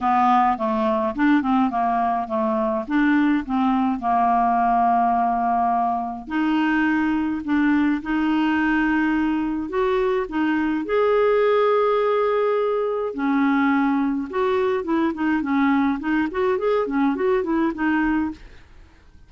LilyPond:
\new Staff \with { instrumentName = "clarinet" } { \time 4/4 \tempo 4 = 105 b4 a4 d'8 c'8 ais4 | a4 d'4 c'4 ais4~ | ais2. dis'4~ | dis'4 d'4 dis'2~ |
dis'4 fis'4 dis'4 gis'4~ | gis'2. cis'4~ | cis'4 fis'4 e'8 dis'8 cis'4 | dis'8 fis'8 gis'8 cis'8 fis'8 e'8 dis'4 | }